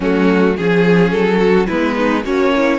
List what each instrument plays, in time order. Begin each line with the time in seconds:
0.00 cello F#3, viola A3, violin C#4 F#4
0.56 cello F3, viola C#4, violin G#4
1.10 cello F#3, violin A4
1.38 violin F#4
1.66 cello G#3, viola B3, violin E4 B4
1.96 violin D#4
2.23 cello A#3, violin C#4 C#5, viola F#4
2.55 viola E4